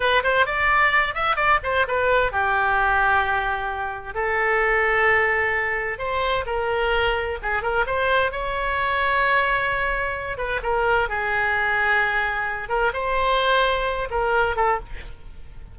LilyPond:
\new Staff \with { instrumentName = "oboe" } { \time 4/4 \tempo 4 = 130 b'8 c''8 d''4. e''8 d''8 c''8 | b'4 g'2.~ | g'4 a'2.~ | a'4 c''4 ais'2 |
gis'8 ais'8 c''4 cis''2~ | cis''2~ cis''8 b'8 ais'4 | gis'2.~ gis'8 ais'8 | c''2~ c''8 ais'4 a'8 | }